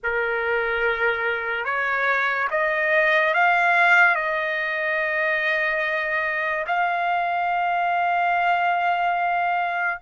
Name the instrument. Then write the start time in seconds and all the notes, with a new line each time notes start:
trumpet
0.03 A#4
1.64 C#5
2.50 D#5
3.33 F5
4.15 D#5
6.66 F5